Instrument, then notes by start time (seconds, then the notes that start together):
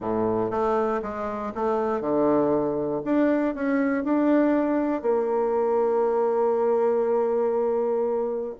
bassoon
0.00 A2
0.50 A3
1.02 G#3
1.54 A3
2.00 D3
3.04 D4
3.54 C#4
4.04 D4
5.02 A#3